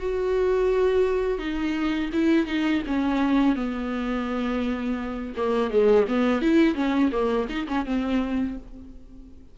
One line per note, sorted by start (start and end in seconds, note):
0.00 1.39 F#4
1.39 2.10 D#4
2.13 2.47 E4
2.47 2.83 D#4
2.87 3.56 C#4
3.56 5.34 B3
5.37 5.71 A#3
5.71 6.06 G#3
6.08 6.42 B3
6.42 6.75 E4
6.75 7.11 C#4
7.12 7.48 A#3
7.49 7.67 D#4
7.69 7.86 C#4
7.86 8.57 C4